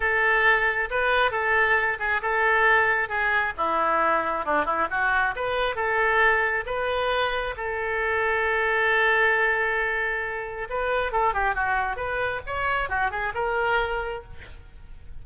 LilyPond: \new Staff \with { instrumentName = "oboe" } { \time 4/4 \tempo 4 = 135 a'2 b'4 a'4~ | a'8 gis'8 a'2 gis'4 | e'2 d'8 e'8 fis'4 | b'4 a'2 b'4~ |
b'4 a'2.~ | a'1 | b'4 a'8 g'8 fis'4 b'4 | cis''4 fis'8 gis'8 ais'2 | }